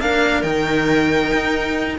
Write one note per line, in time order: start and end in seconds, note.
0.00 0.43 A#3
0.00 0.44 D4
0.00 2.00 A#4
0.00 0.43 F5
0.43 1.32 D#3
0.43 1.99 D#4
0.43 1.98 G5
1.34 2.00 D#4